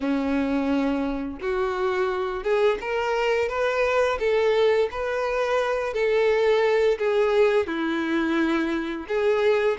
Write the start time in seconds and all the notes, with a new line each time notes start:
0.00 C#4
1.41 F#4
2.43 G#4
2.80 A#4
3.48 B4
4.19 A4
4.91 B4
5.93 A4
6.98 G#4
7.66 E4
9.08 G#4